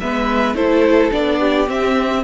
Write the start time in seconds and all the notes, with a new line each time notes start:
0.00 G#3 B3 B4 E5
0.54 A3 E4 A4 C5
1.12 B3 D4 D5
1.39 G4
1.66 C4 E5